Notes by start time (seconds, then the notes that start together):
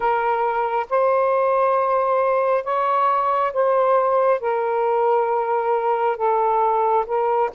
0.00 A#4
0.89 C5
2.64 C#5
3.53 C5
4.40 A#4
6.16 A4
7.06 A#4